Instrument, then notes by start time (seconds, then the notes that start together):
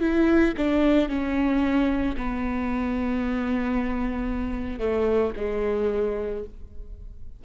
viola
0.00 E4
0.57 D4
1.09 C#4
2.17 B3
4.79 A3
5.36 G#3